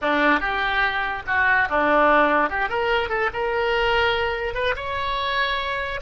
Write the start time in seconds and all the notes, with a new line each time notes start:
0.01 D4
0.40 G4
1.26 F#4
1.69 D4
2.49 G4
2.69 A#4
3.09 A4
3.33 A#4
4.54 B4
4.76 C#5